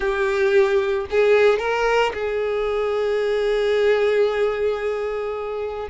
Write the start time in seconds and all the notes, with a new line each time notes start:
0.00 G4
1.10 G#4
1.59 A#4
2.13 G#4